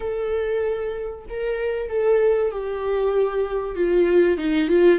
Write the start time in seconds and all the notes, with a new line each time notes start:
0.00 A4
1.29 A#4
1.89 A4
2.51 G4
3.75 F4
4.37 D#4
4.68 F4